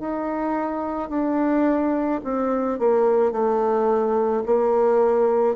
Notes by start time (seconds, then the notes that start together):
0.00 D#4
1.10 D4
2.24 C4
2.79 A#3
3.32 A3
4.46 A#3